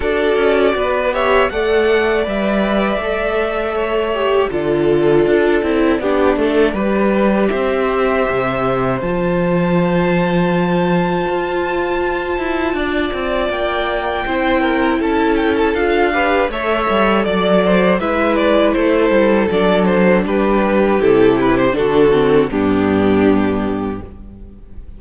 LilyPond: <<
  \new Staff \with { instrumentName = "violin" } { \time 4/4 \tempo 4 = 80 d''4. e''8 fis''4 e''4~ | e''2 d''2~ | d''2 e''2 | a''1~ |
a''2 g''2 | a''8 g''16 a''16 f''4 e''4 d''4 | e''8 d''8 c''4 d''8 c''8 b'4 | a'8 b'16 c''16 a'4 g'2 | }
  \new Staff \with { instrumentName = "violin" } { \time 4/4 a'4 b'8 cis''8 d''2~ | d''4 cis''4 a'2 | g'8 a'8 b'4 c''2~ | c''1~ |
c''4 d''2 c''8 ais'8 | a'4. b'8 cis''4 d''8 c''8 | b'4 a'2 g'4~ | g'4 fis'4 d'2 | }
  \new Staff \with { instrumentName = "viola" } { \time 4/4 fis'4. g'8 a'4 b'4 | a'4. g'8 f'4. e'8 | d'4 g'2. | f'1~ |
f'2. e'4~ | e'4 f'8 g'8 a'2 | e'2 d'2 | e'4 d'8 c'8 b2 | }
  \new Staff \with { instrumentName = "cello" } { \time 4/4 d'8 cis'8 b4 a4 g4 | a2 d4 d'8 c'8 | b8 a8 g4 c'4 c4 | f2. f'4~ |
f'8 e'8 d'8 c'8 ais4 c'4 | cis'4 d'4 a8 g8 fis4 | gis4 a8 g8 fis4 g4 | c4 d4 g,2 | }
>>